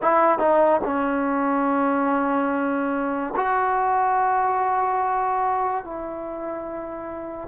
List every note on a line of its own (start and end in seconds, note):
0.02 0.39 E4
0.39 0.80 D#4
0.84 3.34 C#4
3.36 5.84 F#4
5.84 7.48 E4